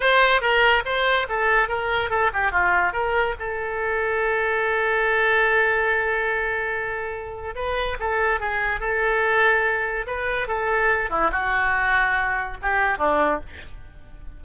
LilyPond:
\new Staff \with { instrumentName = "oboe" } { \time 4/4 \tempo 4 = 143 c''4 ais'4 c''4 a'4 | ais'4 a'8 g'8 f'4 ais'4 | a'1~ | a'1~ |
a'2 b'4 a'4 | gis'4 a'2. | b'4 a'4. e'8 fis'4~ | fis'2 g'4 d'4 | }